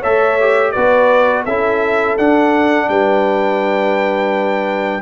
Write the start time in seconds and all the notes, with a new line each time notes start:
0.00 A3 A4 C#5 E5
0.40 G4
0.72 B3 F#4 B4 D5
1.44 C#4 E4 A4 E5
2.18 D4 F#5
2.89 G3 B4 G5